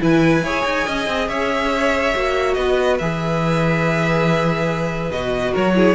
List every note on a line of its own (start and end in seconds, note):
0.00 0.43 E3
0.00 0.43 E4
0.00 0.45 B4
0.00 1.29 G#5
0.43 0.64 E4
0.43 2.15 G#4
0.43 0.87 C#5
0.66 0.87 D#4
0.87 1.07 C#4
0.87 1.29 D#5
1.07 1.29 C4
1.29 2.14 C#4
1.29 2.57 C#5
1.29 2.54 E5
2.15 2.57 A#3
2.15 3.00 F#4
2.54 3.00 B3
2.54 5.52 B4
2.54 2.97 D#5
2.99 5.11 E3
2.99 5.14 G#4
2.99 5.12 E5
5.11 5.53 B2
5.11 5.76 F#4
5.11 5.54 D#5
5.52 5.95 F#3
5.52 5.73 A#4
5.52 5.95 C#5
5.76 5.95 E4
5.76 5.95 G#4